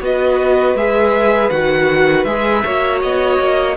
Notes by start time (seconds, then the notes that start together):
0.00 B3 F#4 B4 D#5
0.75 G#3 G#4 E5
1.50 D#3 F#4 F#5
2.24 G#3 G#4 E5
2.64 A#3 F#4 C#5
3.02 B3 D#5
3.39 A#3